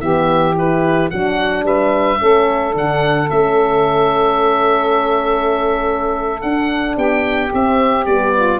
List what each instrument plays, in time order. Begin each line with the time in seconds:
0.00 tuba E3, horn B3, saxophone G4, oboe E5
0.57 horn E4, oboe B4
1.10 tuba F#3, horn D4, saxophone F#4, oboe F#5
1.63 tuba G3, saxophone B4, oboe E5
2.18 tuba A3, horn C#4, saxophone A4
2.72 tuba D3, horn D4, oboe F#5
3.29 tuba A3, horn C#4, oboe E5
6.41 tuba D4, horn D4, oboe F#5
6.96 tuba B3, saxophone G4, oboe G5
7.51 horn C4, tuba C4, oboe E5
8.05 tuba G3, horn B3, oboe D5
8.35 saxophone F4